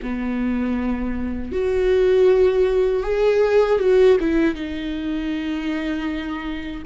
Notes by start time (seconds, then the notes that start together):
0.02 B3
1.52 F#4
3.03 G#4
3.79 F#4
4.19 E4
4.55 D#4